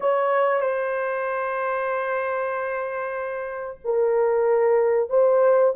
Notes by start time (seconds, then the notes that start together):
0.00 C#5
0.60 C5
3.84 A#4
5.09 C5